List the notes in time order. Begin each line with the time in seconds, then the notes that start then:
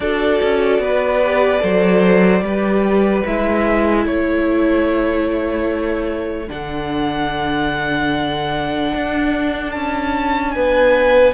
0.00 D4 F#4 A4 D5
0.42 C#4
0.79 B3 B4
1.23 G4
1.59 F#3 A4 C5
2.41 G3 G4 B4
3.26 G#3 E4 E5
4.02 A3 A4 C#5
6.47 D3 D4 F#5
8.94 D4
9.71 C#4 A5
10.52 B3 B4 G#5